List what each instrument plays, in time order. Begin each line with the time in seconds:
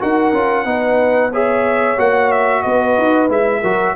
0.00 tuba D#4, trombone F#4, horn A#4, trumpet F#5
0.33 tuba C#4, trombone F4
0.65 tuba B3, trombone D#4, horn B4
1.31 trombone G#4, horn C#5, trumpet E5
1.98 tuba A#3, trombone F#4, trumpet F#5
2.32 trumpet E5
2.63 tuba B3, horn B4, trumpet D#5
2.98 tuba D#4
3.29 tuba G#3, trombone E4, trumpet E5
3.61 tuba F#3, trombone F#4, horn A#4